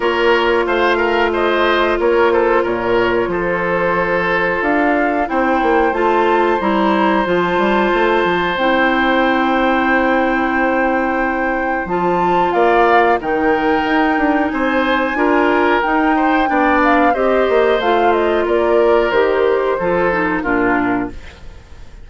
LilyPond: <<
  \new Staff \with { instrumentName = "flute" } { \time 4/4 \tempo 4 = 91 cis''4 f''4 dis''4 cis''8 c''8 | cis''4 c''2 f''4 | g''4 a''4 ais''4 a''4~ | a''4 g''2.~ |
g''2 a''4 f''4 | g''2 gis''2 | g''4. f''8 dis''4 f''8 dis''8 | d''4 c''2 ais'4 | }
  \new Staff \with { instrumentName = "oboe" } { \time 4/4 ais'4 c''8 ais'8 c''4 ais'8 a'8 | ais'4 a'2. | c''1~ | c''1~ |
c''2. d''4 | ais'2 c''4 ais'4~ | ais'8 c''8 d''4 c''2 | ais'2 a'4 f'4 | }
  \new Staff \with { instrumentName = "clarinet" } { \time 4/4 f'1~ | f'1 | e'4 f'4 e'4 f'4~ | f'4 e'2.~ |
e'2 f'2 | dis'2. f'4 | dis'4 d'4 g'4 f'4~ | f'4 g'4 f'8 dis'8 d'4 | }
  \new Staff \with { instrumentName = "bassoon" } { \time 4/4 ais4 a2 ais4 | ais,4 f2 d'4 | c'8 ais8 a4 g4 f8 g8 | a8 f8 c'2.~ |
c'2 f4 ais4 | dis4 dis'8 d'8 c'4 d'4 | dis'4 b4 c'8 ais8 a4 | ais4 dis4 f4 ais,4 | }
>>